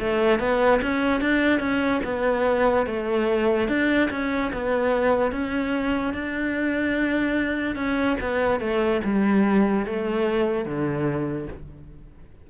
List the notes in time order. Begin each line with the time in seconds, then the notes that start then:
0.00 A3
0.39 B3
0.82 C#4
1.21 D4
1.60 C#4
2.04 B3
2.87 A3
3.68 D4
4.11 C#4
4.53 B3
5.32 C#4
6.14 D4
7.76 C#4
8.20 B3
8.60 A3
9.04 G3
9.86 A3
10.66 D3